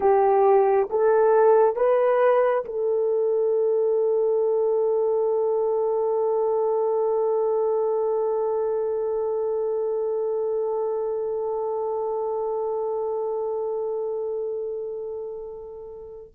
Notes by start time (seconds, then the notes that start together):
0.00 G4
0.90 A4
1.76 B4
2.65 A4